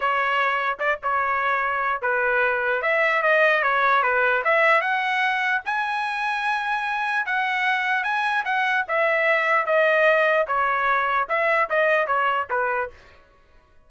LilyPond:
\new Staff \with { instrumentName = "trumpet" } { \time 4/4 \tempo 4 = 149 cis''2 d''8 cis''4.~ | cis''4 b'2 e''4 | dis''4 cis''4 b'4 e''4 | fis''2 gis''2~ |
gis''2 fis''2 | gis''4 fis''4 e''2 | dis''2 cis''2 | e''4 dis''4 cis''4 b'4 | }